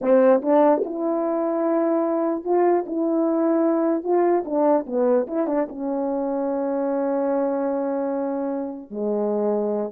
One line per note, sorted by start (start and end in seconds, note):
0.01 0.41 C4
0.42 0.82 D4
0.84 2.44 E4
2.44 2.85 F4
2.86 4.03 E4
4.03 4.44 F4
4.45 4.85 D4
4.86 5.27 B3
5.27 5.47 E4
5.47 5.67 D4
5.69 8.90 C#4
8.90 9.91 G#3